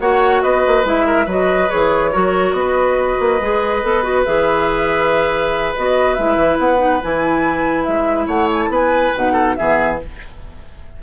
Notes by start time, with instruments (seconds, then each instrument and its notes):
0.00 bassoon A#3, clarinet F#4, oboe C#5, flute F#5
0.43 bassoon B3, oboe B4, flute D#5
0.67 bassoon A#3
0.84 bassoon G#3, clarinet E4, flute E5
1.07 oboe A#4
1.25 bassoon F#3, clarinet F#4, oboe B4
1.31 flute D#5
1.69 bassoon E3, clarinet G#4, flute C#5
2.12 bassoon F#3, clarinet F#4, oboe A#4
2.53 bassoon B3, oboe B4, flute D#5
3.20 bassoon A#3
3.41 bassoon G#3, clarinet G#4
3.83 bassoon B3, clarinet A4
4.03 clarinet F#4
4.25 bassoon E3, clarinet G#4, flute E5
5.76 bassoon B3, clarinet F#4, flute D#5
6.15 bassoon G#3, clarinet E4, flute E5
6.37 bassoon E3
6.59 bassoon B3, flute F#5
6.77 clarinet D#4
7.03 bassoon E3, clarinet E4, flute G#5
7.84 bassoon G#3, flute E5
8.27 bassoon A3, oboe C#5, flute F#5
8.53 flute G#5
8.62 flute A5
8.69 bassoon B3, oboe B4, flute G#5
9.15 bassoon B2, clarinet D#4, flute F#5
9.33 oboe A4
9.56 bassoon E3, clarinet B3, oboe G#4, flute E5